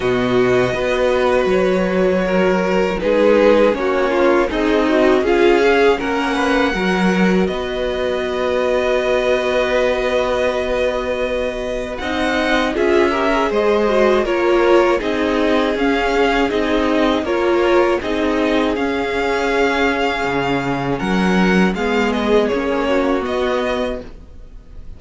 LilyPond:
<<
  \new Staff \with { instrumentName = "violin" } { \time 4/4 \tempo 4 = 80 dis''2 cis''2 | b'4 cis''4 dis''4 f''4 | fis''2 dis''2~ | dis''1 |
fis''4 e''4 dis''4 cis''4 | dis''4 f''4 dis''4 cis''4 | dis''4 f''2. | fis''4 f''8 dis''8 cis''4 dis''4 | }
  \new Staff \with { instrumentName = "violin" } { \time 4/4 fis'4 b'2 ais'4 | gis'4 fis'8 f'8 dis'4 gis'4 | ais'8 b'8 ais'4 b'2~ | b'1 |
dis''4 gis'8 ais'8 c''4 ais'4 | gis'2. ais'4 | gis'1 | ais'4 gis'4. fis'4. | }
  \new Staff \with { instrumentName = "viola" } { \time 4/4 b4 fis'2. | dis'4 cis'4 gis'8 fis'8 f'8 gis'8 | cis'4 fis'2.~ | fis'1 |
dis'4 f'8 g'16 gis'8. fis'8 f'4 | dis'4 cis'4 dis'4 f'4 | dis'4 cis'2.~ | cis'4 b4 cis'4 b4 | }
  \new Staff \with { instrumentName = "cello" } { \time 4/4 b,4 b4 fis2 | gis4 ais4 c'4 cis'4 | ais4 fis4 b2~ | b1 |
c'4 cis'4 gis4 ais4 | c'4 cis'4 c'4 ais4 | c'4 cis'2 cis4 | fis4 gis4 ais4 b4 | }
>>